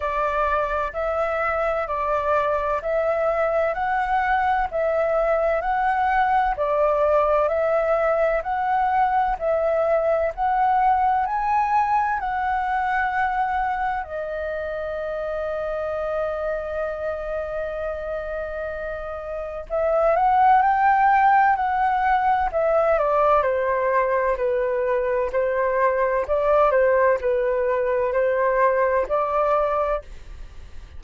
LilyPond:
\new Staff \with { instrumentName = "flute" } { \time 4/4 \tempo 4 = 64 d''4 e''4 d''4 e''4 | fis''4 e''4 fis''4 d''4 | e''4 fis''4 e''4 fis''4 | gis''4 fis''2 dis''4~ |
dis''1~ | dis''4 e''8 fis''8 g''4 fis''4 | e''8 d''8 c''4 b'4 c''4 | d''8 c''8 b'4 c''4 d''4 | }